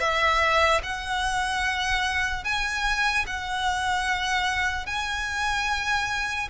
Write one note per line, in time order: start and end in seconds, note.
0.00 0.81 E5
0.83 2.45 F#5
2.45 3.26 G#5
3.27 4.86 F#5
4.86 6.49 G#5